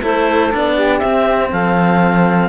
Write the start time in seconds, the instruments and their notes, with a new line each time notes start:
0.00 cello A3 E4, saxophone A4, clarinet C5
0.51 cello B3 D4, clarinet D5
0.74 saxophone G4
0.99 cello C4, clarinet E5
1.51 cello F3, saxophone A4, clarinet F5